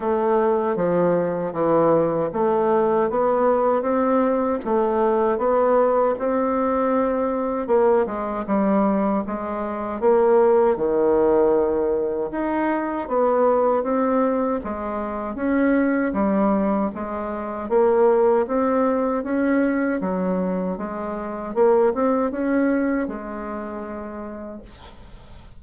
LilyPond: \new Staff \with { instrumentName = "bassoon" } { \time 4/4 \tempo 4 = 78 a4 f4 e4 a4 | b4 c'4 a4 b4 | c'2 ais8 gis8 g4 | gis4 ais4 dis2 |
dis'4 b4 c'4 gis4 | cis'4 g4 gis4 ais4 | c'4 cis'4 fis4 gis4 | ais8 c'8 cis'4 gis2 | }